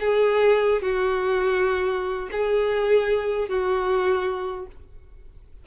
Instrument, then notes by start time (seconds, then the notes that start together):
violin
0.00 G#4
0.82 F#4
2.32 G#4
3.49 F#4